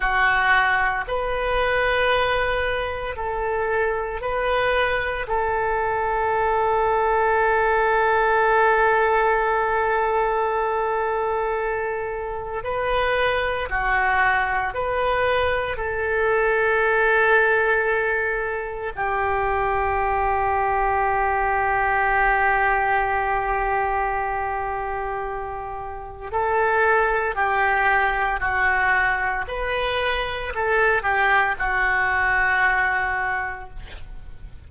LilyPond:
\new Staff \with { instrumentName = "oboe" } { \time 4/4 \tempo 4 = 57 fis'4 b'2 a'4 | b'4 a'2.~ | a'1 | b'4 fis'4 b'4 a'4~ |
a'2 g'2~ | g'1~ | g'4 a'4 g'4 fis'4 | b'4 a'8 g'8 fis'2 | }